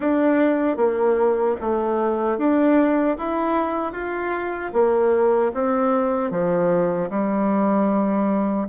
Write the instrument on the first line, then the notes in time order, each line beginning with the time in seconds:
bassoon
0.00 D4
0.76 A#3
1.60 A3
2.38 D4
3.17 E4
3.92 F4
4.73 A#3
5.54 C4
6.30 F3
7.10 G3